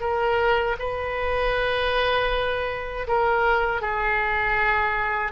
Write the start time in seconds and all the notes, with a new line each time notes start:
0.00 A#4
0.79 B4
3.07 A#4
3.81 G#4